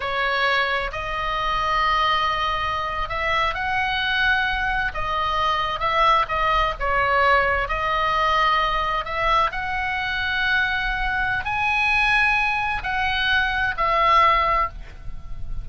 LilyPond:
\new Staff \with { instrumentName = "oboe" } { \time 4/4 \tempo 4 = 131 cis''2 dis''2~ | dis''2~ dis''8. e''4 fis''16~ | fis''2~ fis''8. dis''4~ dis''16~ | dis''8. e''4 dis''4 cis''4~ cis''16~ |
cis''8. dis''2. e''16~ | e''8. fis''2.~ fis''16~ | fis''4 gis''2. | fis''2 e''2 | }